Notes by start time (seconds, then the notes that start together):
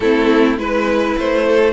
0.00 A3 C4 E4 A4
0.57 G#3 E4 B4
1.18 A3 C5
1.48 A4